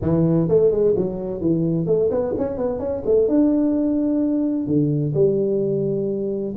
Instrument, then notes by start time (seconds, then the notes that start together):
tuba
0.01 E3
0.48 A3
0.71 G#3
0.96 F#3
1.40 E3
1.86 A3
2.10 B3
2.38 C#4
2.57 B3
2.79 C#4
3.05 A3
3.28 D4
4.66 D3
5.14 G3